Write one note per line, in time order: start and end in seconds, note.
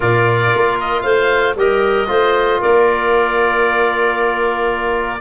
0.00 0.53 A#2
0.00 1.56 F4
0.00 1.03 A#4
0.00 0.79 D5
0.54 1.04 A#3
0.79 1.01 D#5
1.01 1.55 A3
1.01 1.55 C5
1.01 1.53 F5
1.55 2.07 G3
1.55 2.06 G4
1.55 2.08 A#4
1.55 2.62 D#5
2.06 2.61 A3
2.06 5.19 F4
2.06 2.60 C5
2.60 5.20 A#3
2.60 5.20 A#4
2.60 5.20 D5